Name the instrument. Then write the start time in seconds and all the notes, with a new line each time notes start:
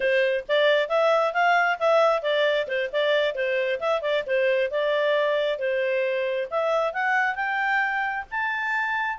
clarinet
0.00 C5
0.48 D5
0.89 E5
1.33 F5
1.79 E5
2.22 D5
2.67 C5
2.92 D5
3.34 C5
3.80 E5
4.01 D5
4.26 C5
4.71 D5
5.58 C5
6.50 E5
6.93 F#5
7.35 G5
8.30 A5